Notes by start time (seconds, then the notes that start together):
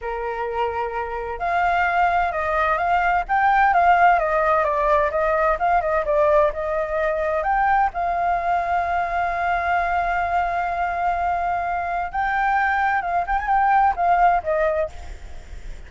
0.01 A#4
1.39 F5
2.32 D#5
2.77 F5
3.28 G5
3.73 F5
4.19 D#5
4.64 D5
5.11 D#5
5.59 F5
5.81 D#5
6.05 D5
6.53 D#5
7.43 G5
7.93 F5
12.11 G5
13.01 F5
13.26 G5
13.38 G#5
13.47 G5
13.95 F5
14.43 D#5